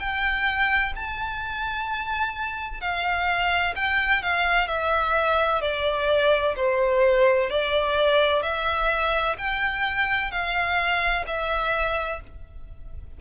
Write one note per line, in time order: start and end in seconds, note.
0.00 0.94 G5
0.96 2.81 A5
2.81 3.75 F5
3.76 4.23 G5
4.23 4.68 F5
4.68 5.62 E5
5.62 6.55 D5
6.56 7.50 C5
7.50 8.43 D5
8.43 9.37 E5
9.38 10.31 G5
10.31 11.25 F5
11.27 12.21 E5